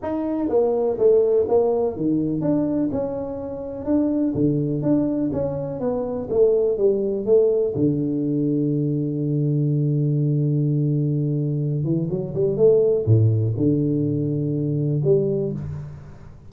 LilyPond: \new Staff \with { instrumentName = "tuba" } { \time 4/4 \tempo 4 = 124 dis'4 ais4 a4 ais4 | dis4 d'4 cis'2 | d'4 d4 d'4 cis'4 | b4 a4 g4 a4 |
d1~ | d1~ | d8 e8 fis8 g8 a4 a,4 | d2. g4 | }